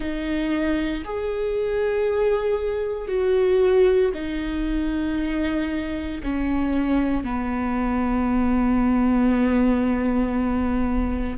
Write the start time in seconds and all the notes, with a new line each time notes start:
0.00 D#4
1.04 G#4
3.08 F#4
4.14 D#4
6.23 C#4
7.24 B3